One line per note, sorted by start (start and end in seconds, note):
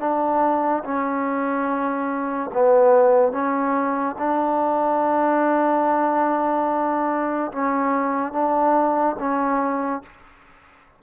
0.00 0.83 D4
0.84 2.51 C#4
2.54 3.33 B3
3.33 4.16 C#4
4.19 7.52 D4
7.53 8.33 C#4
8.33 9.16 D4
9.20 10.03 C#4